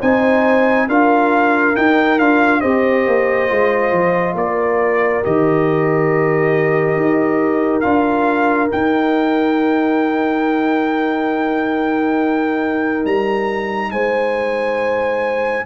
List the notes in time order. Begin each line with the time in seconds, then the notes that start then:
0.00 C4 D#4 C5 G#5
0.88 D4 F4 A#4 F5
1.75 D#4 G5
2.19 D4 F4 F5
2.61 C4 G4 C5 D#5
3.07 A#3
3.49 G#3 F4
3.91 F3
4.34 A#3 A#4 D5
5.22 D#3 G4 D#5
6.96 D#4
7.81 D4 F4 F5
8.69 D#4 G5
13.05 G3 A#5
13.91 G#3 C5 G#5